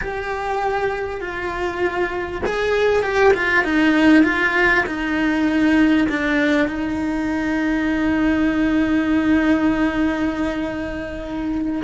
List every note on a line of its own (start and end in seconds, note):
0.01 1.20 G4
1.20 2.42 F4
2.45 3.02 G#4
3.02 3.32 G4
3.33 3.64 F4
3.64 4.23 D#4
4.23 4.84 F4
4.86 6.07 D#4
6.08 6.67 D4
6.67 11.82 D#4